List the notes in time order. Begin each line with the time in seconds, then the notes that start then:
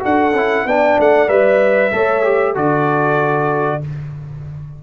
0.00 D4 F#4 A4 F#5
0.33 C#4 E4
0.66 B3 D4 D5 G5
1.00 A3 F#5
1.28 G3 B4 E5
1.92 A3 A4 C#5
2.24 G4
2.53 D3 F#4 A4 D5